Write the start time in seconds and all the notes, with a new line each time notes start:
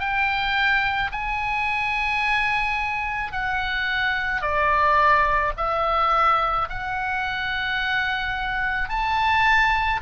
0.00 G5
1.12 G#5
3.32 F#5
4.41 D5
5.57 E5
6.70 F#5
8.89 A5